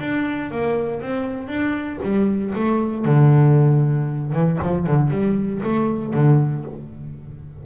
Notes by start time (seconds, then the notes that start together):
0.00 D4
0.51 A#3
1.01 C4
1.48 D4
2.03 G3
2.55 A3
3.05 D3
4.33 E3
4.62 F3
4.86 D3
5.10 G3
5.63 A3
6.14 D3